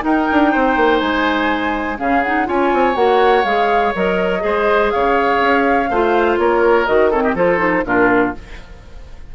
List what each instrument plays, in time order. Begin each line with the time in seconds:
0.00 clarinet D#4, bassoon D#4, oboe A#4, flute G5
0.31 bassoon D4
0.51 bassoon C4, oboe C5
0.76 bassoon A#3
1.00 bassoon G#3, flute G#5
1.97 bassoon C#3, clarinet C#4, oboe G#4, flute F5
2.23 clarinet D#4, flute F#5
2.45 bassoon C#4, clarinet F4, oboe C#5, flute G#5
2.73 bassoon C4
2.94 bassoon A#3, clarinet F#4, flute F#5
3.44 bassoon G#3, clarinet G#4, flute F5
3.95 bassoon F#3, clarinet A#4, flute D#5
4.39 bassoon G#3, clarinet G#4, oboe C5
4.90 bassoon C#3, oboe C#5, flute F5
5.40 bassoon C#4
5.90 bassoon A3, clarinet F4, oboe C5
6.38 bassoon A#3, oboe A#4, flute C#5
6.86 bassoon D#3, clarinet F#4, flute D#5
7.10 clarinet C4, oboe A4, flute C#5
7.22 oboe G4, flute D#5
7.34 bassoon F3, clarinet F4, oboe A4, flute C5
7.58 clarinet D#4
7.85 bassoon A#2, clarinet D4, oboe F4, flute A#4